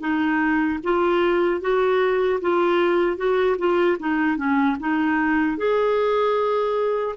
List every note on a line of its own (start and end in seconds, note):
0.00 0.79 D#4
0.83 1.61 F4
1.61 2.40 F#4
2.41 3.17 F4
3.17 3.56 F#4
3.58 3.97 F4
3.99 4.37 D#4
4.37 4.76 C#4
4.80 5.57 D#4
5.57 7.15 G#4